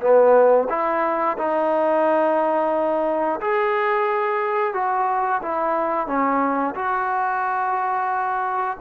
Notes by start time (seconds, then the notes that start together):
0.00 B3
0.69 E4
1.37 D#4
3.40 G#4
4.73 F#4
5.42 E4
6.07 C#4
6.74 F#4